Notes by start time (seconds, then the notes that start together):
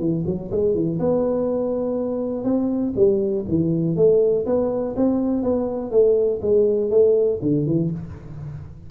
0.00 E3
0.26 F#3
0.52 G#3
0.75 E3
1.00 B3
2.45 C4
2.96 G3
3.49 E3
3.97 A3
4.46 B3
4.96 C4
5.43 B3
5.92 A3
6.42 G#3
6.91 A3
7.42 D3
7.66 E3